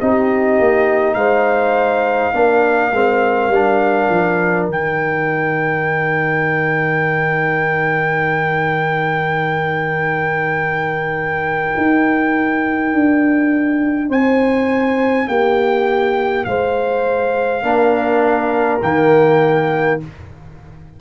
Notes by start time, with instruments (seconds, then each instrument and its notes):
0.00 tuba C4, trombone D#4, horn G4, trumpet D#5
0.59 tuba A#3
1.14 tuba G#3, horn C5, trumpet F5
2.33 tuba A#3, trombone D4, horn A#4
2.92 tuba G#3, trombone C4
3.48 tuba G3, trombone D4
4.09 tuba F3
4.67 tuba D#3, trombone D#4, trumpet G5
11.76 tuba D#4
12.92 tuba D4
14.08 tuba C4, horn C5, trumpet G#5
15.28 tuba A#3, horn G4, trumpet G5
16.44 tuba G#3, horn C5, trumpet F5
17.62 tuba A#3, trombone D4, horn A#4
18.82 tuba D#3, trombone A#3, trumpet G5